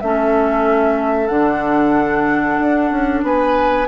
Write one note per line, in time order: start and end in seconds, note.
0.00 1.29 A3
0.00 1.28 C#4
0.00 3.24 A4
0.00 1.27 E5
1.27 2.58 D3
1.27 3.86 D4
1.27 3.20 F#5
2.59 2.90 D4
2.90 3.23 C#4
3.23 3.87 B3
3.23 3.88 B4
3.23 3.88 G#5